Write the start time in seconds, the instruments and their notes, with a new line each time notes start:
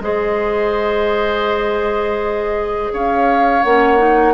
0.00 bassoon G#3, clarinet G#4, oboe C5, flute D#5
2.93 bassoon C#4, oboe C#5, flute F5
3.63 bassoon A#3, clarinet C#4, flute F#5
3.98 clarinet D#4